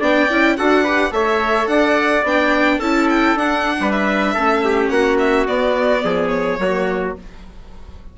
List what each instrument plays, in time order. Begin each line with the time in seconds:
0.00 bassoon B3, viola D4, trumpet D5, violin G5
0.30 bassoon C#4, viola E4
0.57 bassoon D4, viola F#4, trumpet A4, violin F#5
0.84 viola G4, trumpet B4
1.11 bassoon A3, viola A4, trumpet C#5, violin E5
1.67 bassoon D4, trumpet D5, violin F#5
2.23 bassoon B3, viola D4, violin G5
2.79 bassoon C#4, viola E4, trumpet A4, violin A5
3.10 violin G5
3.35 bassoon D4, viola D4, violin F#5
3.80 bassoon G3, trumpet B4
3.92 violin E5
4.34 bassoon A3, viola C#4, trumpet A4
4.65 trumpet G4
4.89 bassoon A#3, trumpet F#4, violin F#5
5.19 violin E5
5.47 viola B3, bassoon B3, violin D5
6.04 bassoon F3, trumpet G#4
6.29 violin C#5
6.59 bassoon F#3, viola A#3, trumpet F#4